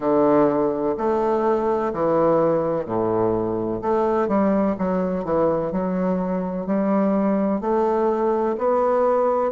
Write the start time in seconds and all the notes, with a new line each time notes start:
0.00 D3
0.97 A3
1.93 E3
2.85 A2
3.81 A3
4.28 G3
4.78 F#3
5.24 E3
5.71 F#3
6.66 G3
7.61 A3
8.58 B3